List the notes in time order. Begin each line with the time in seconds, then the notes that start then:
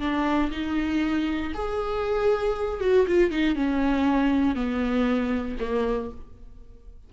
0.00 D4
0.51 D#4
1.54 G#4
2.81 F#4
3.07 F4
3.31 D#4
3.55 C#4
4.55 B3
5.60 A#3